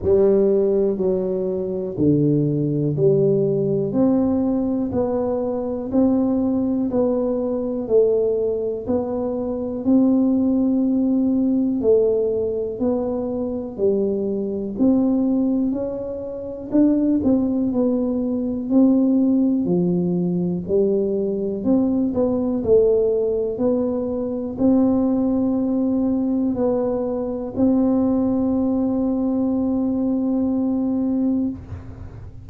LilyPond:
\new Staff \with { instrumentName = "tuba" } { \time 4/4 \tempo 4 = 61 g4 fis4 d4 g4 | c'4 b4 c'4 b4 | a4 b4 c'2 | a4 b4 g4 c'4 |
cis'4 d'8 c'8 b4 c'4 | f4 g4 c'8 b8 a4 | b4 c'2 b4 | c'1 | }